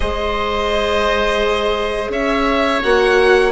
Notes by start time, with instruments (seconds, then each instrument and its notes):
0.00 bassoon G#3, viola G#4, oboe C5, violin D#5
2.09 bassoon C#4, oboe C#5, violin E5
2.82 bassoon A#3, viola F#4, violin F#5